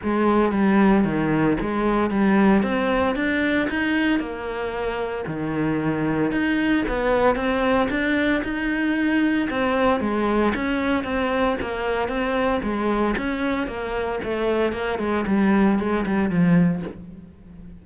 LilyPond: \new Staff \with { instrumentName = "cello" } { \time 4/4 \tempo 4 = 114 gis4 g4 dis4 gis4 | g4 c'4 d'4 dis'4 | ais2 dis2 | dis'4 b4 c'4 d'4 |
dis'2 c'4 gis4 | cis'4 c'4 ais4 c'4 | gis4 cis'4 ais4 a4 | ais8 gis8 g4 gis8 g8 f4 | }